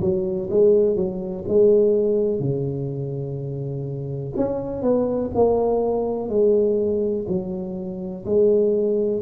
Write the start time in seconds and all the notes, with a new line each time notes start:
0.00 F#3
0.50 G#3
0.95 F#3
1.47 G#3
2.39 C#3
4.36 C#4
4.82 B3
5.34 A#3
6.29 G#3
7.28 F#3
8.25 G#3